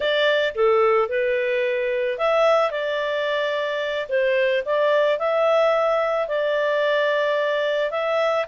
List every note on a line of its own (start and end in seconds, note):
0.00 0.54 D5
0.54 1.09 A4
1.09 2.18 B4
2.18 2.70 E5
2.70 4.07 D5
4.09 4.63 C5
4.65 5.18 D5
5.18 6.28 E5
6.28 7.91 D5
7.91 8.45 E5